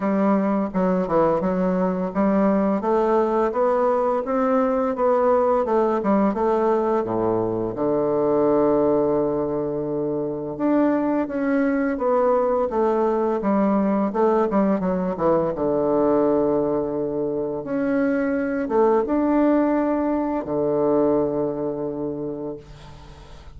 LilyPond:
\new Staff \with { instrumentName = "bassoon" } { \time 4/4 \tempo 4 = 85 g4 fis8 e8 fis4 g4 | a4 b4 c'4 b4 | a8 g8 a4 a,4 d4~ | d2. d'4 |
cis'4 b4 a4 g4 | a8 g8 fis8 e8 d2~ | d4 cis'4. a8 d'4~ | d'4 d2. | }